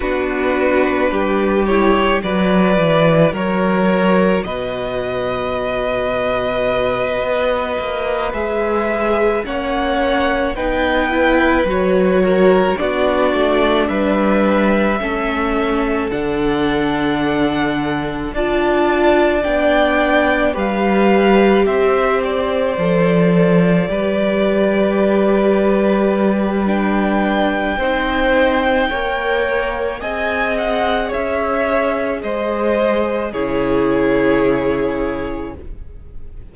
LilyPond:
<<
  \new Staff \with { instrumentName = "violin" } { \time 4/4 \tempo 4 = 54 b'4. cis''8 d''4 cis''4 | dis''2.~ dis''8 e''8~ | e''8 fis''4 g''4 cis''4 d''8~ | d''8 e''2 fis''4.~ |
fis''8 a''4 g''4 f''4 e''8 | d''1 | g''2. gis''8 fis''8 | e''4 dis''4 cis''2 | }
  \new Staff \with { instrumentName = "violin" } { \time 4/4 fis'4 g'4 b'4 ais'4 | b'1~ | b'8 cis''4 b'4. ais'8 fis'8~ | fis'8 b'4 a'2~ a'8~ |
a'8 d''2 b'4 c''8~ | c''4. b'2~ b'8~ | b'4 c''4 cis''4 dis''4 | cis''4 c''4 gis'2 | }
  \new Staff \with { instrumentName = "viola" } { \time 4/4 d'4. e'8 fis'2~ | fis'2.~ fis'8 gis'8~ | gis'8 cis'4 dis'8 e'8 fis'4 d'8~ | d'4. cis'4 d'4.~ |
d'8 f'4 d'4 g'4.~ | g'8 a'4 g'2~ g'8 | d'4 dis'4 ais'4 gis'4~ | gis'2 e'2 | }
  \new Staff \with { instrumentName = "cello" } { \time 4/4 b4 g4 fis8 e8 fis4 | b,2~ b,8 b8 ais8 gis8~ | gis8 ais4 b4 fis4 b8 | a8 g4 a4 d4.~ |
d8 d'4 b4 g4 c'8~ | c'8 f4 g2~ g8~ | g4 c'4 ais4 c'4 | cis'4 gis4 cis2 | }
>>